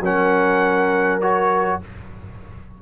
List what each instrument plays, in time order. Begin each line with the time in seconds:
0.00 tuba F#3, trombone C#4, horn A#4, trumpet F#5
1.21 trombone F#4, trumpet C#5